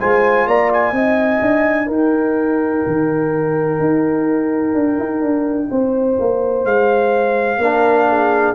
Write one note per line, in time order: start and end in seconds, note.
0.00 0.46 G#3
0.00 0.94 F4
0.00 0.47 C5
0.00 0.47 G#5
0.46 0.92 A#3
0.46 0.94 D5
0.46 0.71 A#5
0.73 1.91 G#5
0.92 1.40 C4
0.92 7.61 D#4
0.92 1.87 D#5
1.41 1.87 D4
1.87 2.83 D#4
1.87 5.68 A#4
1.87 6.65 G5
2.87 3.80 D#3
3.80 4.74 D#4
4.74 4.98 D4
4.99 5.21 D#4
5.21 5.69 D4
5.71 6.18 C4
5.71 7.60 C5
6.19 6.64 A#3
6.64 7.58 G#3
6.64 8.55 F5
7.58 8.53 A#3
7.58 8.55 D4
7.58 8.08 A#4
8.08 8.55 G#4